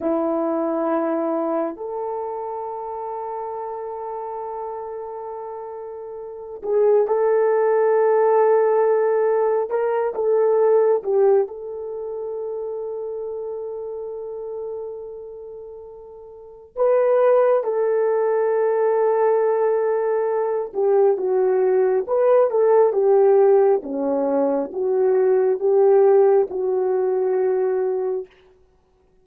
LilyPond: \new Staff \with { instrumentName = "horn" } { \time 4/4 \tempo 4 = 68 e'2 a'2~ | a'2.~ a'8 gis'8 | a'2. ais'8 a'8~ | a'8 g'8 a'2.~ |
a'2. b'4 | a'2.~ a'8 g'8 | fis'4 b'8 a'8 g'4 cis'4 | fis'4 g'4 fis'2 | }